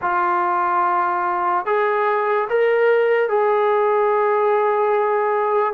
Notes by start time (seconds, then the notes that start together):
0.01 F4
1.65 G#4
2.49 A#4
3.29 G#4